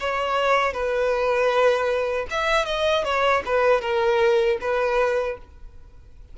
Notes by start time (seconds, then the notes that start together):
0.00 C#5
0.73 B4
2.30 E5
2.66 D#5
3.05 C#5
3.46 B4
3.81 A#4
4.61 B4